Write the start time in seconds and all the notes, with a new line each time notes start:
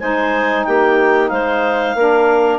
0.00 G#3 D#4 C5 G#5
0.64 A#3 G4 G5
1.29 G#3 C5 F5
1.95 A#3 D4 A#4